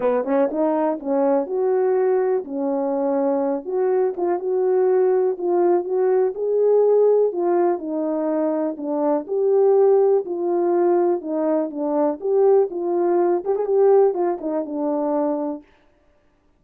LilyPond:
\new Staff \with { instrumentName = "horn" } { \time 4/4 \tempo 4 = 123 b8 cis'8 dis'4 cis'4 fis'4~ | fis'4 cis'2~ cis'8 fis'8~ | fis'8 f'8 fis'2 f'4 | fis'4 gis'2 f'4 |
dis'2 d'4 g'4~ | g'4 f'2 dis'4 | d'4 g'4 f'4. g'16 gis'16 | g'4 f'8 dis'8 d'2 | }